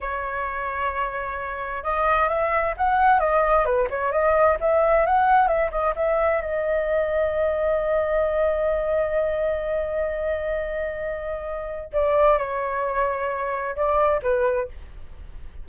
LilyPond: \new Staff \with { instrumentName = "flute" } { \time 4/4 \tempo 4 = 131 cis''1 | dis''4 e''4 fis''4 dis''4 | b'8 cis''8 dis''4 e''4 fis''4 | e''8 dis''8 e''4 dis''2~ |
dis''1~ | dis''1~ | dis''2 d''4 cis''4~ | cis''2 d''4 b'4 | }